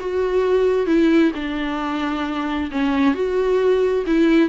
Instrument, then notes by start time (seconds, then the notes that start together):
viola
0.00 F#4
0.87 E4
1.35 D4
2.71 C#4
3.15 F#4
4.06 E4